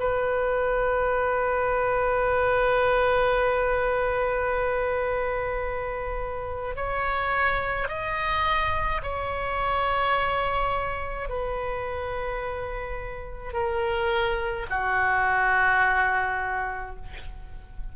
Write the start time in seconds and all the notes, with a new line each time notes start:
0.00 B4
6.76 C#5
7.89 D#5
9.03 C#5
11.30 B4
13.53 A#4
14.71 F#4